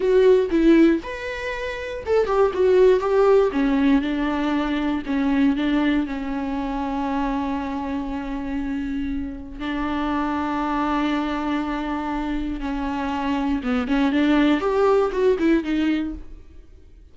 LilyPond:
\new Staff \with { instrumentName = "viola" } { \time 4/4 \tempo 4 = 119 fis'4 e'4 b'2 | a'8 g'8 fis'4 g'4 cis'4 | d'2 cis'4 d'4 | cis'1~ |
cis'2. d'4~ | d'1~ | d'4 cis'2 b8 cis'8 | d'4 g'4 fis'8 e'8 dis'4 | }